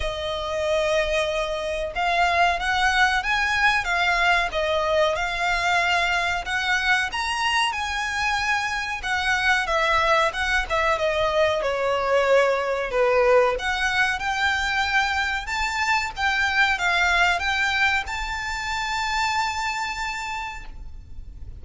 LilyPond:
\new Staff \with { instrumentName = "violin" } { \time 4/4 \tempo 4 = 93 dis''2. f''4 | fis''4 gis''4 f''4 dis''4 | f''2 fis''4 ais''4 | gis''2 fis''4 e''4 |
fis''8 e''8 dis''4 cis''2 | b'4 fis''4 g''2 | a''4 g''4 f''4 g''4 | a''1 | }